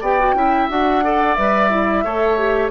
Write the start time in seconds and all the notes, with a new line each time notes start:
0.00 B3 G4 D5 G5
0.19 F#4
0.34 C#4 E4 E5
0.69 D4 F#4 F#5
1.02 A4 D5
1.34 G3 B4 E5
1.70 E4
2.04 A3 A4 C#5
2.37 G4